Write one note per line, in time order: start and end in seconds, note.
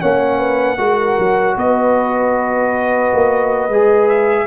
0.00 0.79 A#3
0.00 0.78 C#4
0.00 0.38 C#5
0.00 1.57 F#5
0.38 0.77 B4
0.78 1.18 G#3
0.78 3.70 F#4
0.78 1.57 A#4
1.19 1.57 F#3
1.57 3.13 B3
1.57 4.48 B4
1.57 4.09 D#5
3.14 3.69 A#3
3.69 4.47 G#3
3.69 4.48 G#4
4.09 4.48 E5